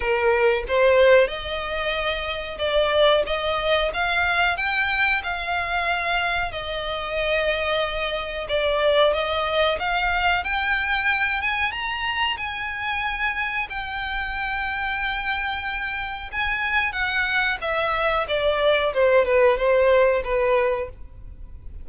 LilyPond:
\new Staff \with { instrumentName = "violin" } { \time 4/4 \tempo 4 = 92 ais'4 c''4 dis''2 | d''4 dis''4 f''4 g''4 | f''2 dis''2~ | dis''4 d''4 dis''4 f''4 |
g''4. gis''8 ais''4 gis''4~ | gis''4 g''2.~ | g''4 gis''4 fis''4 e''4 | d''4 c''8 b'8 c''4 b'4 | }